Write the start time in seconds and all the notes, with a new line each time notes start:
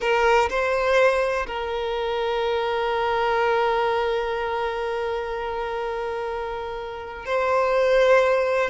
0.00 A#4
0.49 C5
1.46 A#4
7.25 C5